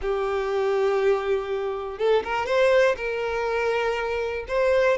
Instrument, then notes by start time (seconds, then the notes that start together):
violin
0.01 G4
1.98 A4
2.23 A#4
2.46 C5
2.96 A#4
4.48 C5